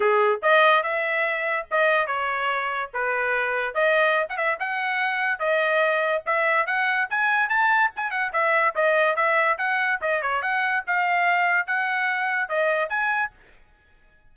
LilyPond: \new Staff \with { instrumentName = "trumpet" } { \time 4/4 \tempo 4 = 144 gis'4 dis''4 e''2 | dis''4 cis''2 b'4~ | b'4 dis''4~ dis''16 fis''16 e''8 fis''4~ | fis''4 dis''2 e''4 |
fis''4 gis''4 a''4 gis''8 fis''8 | e''4 dis''4 e''4 fis''4 | dis''8 cis''8 fis''4 f''2 | fis''2 dis''4 gis''4 | }